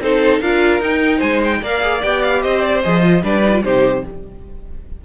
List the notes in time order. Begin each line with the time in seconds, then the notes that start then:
0.00 C4 D#4 A4 C5
0.41 D4 F4 A#4 F5
0.80 D#4 G5
1.18 G#3 C5 G#5
1.44 G5
1.61 A#3 A#4 D5 F5
1.81 G#4
2.02 B3 G4 G5
2.22 F5
2.41 C4 C5 D#5
2.61 D5
2.83 F3 G#4 D#5
3.01 F4
3.23 G3 D4 B4 D5
3.43 D#4
3.53 F4
3.64 C3 D#4 G4 C5